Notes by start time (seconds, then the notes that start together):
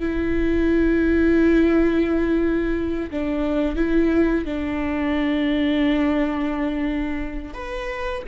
0.00 E4
3.11 D4
3.76 E4
4.45 D4
7.54 B4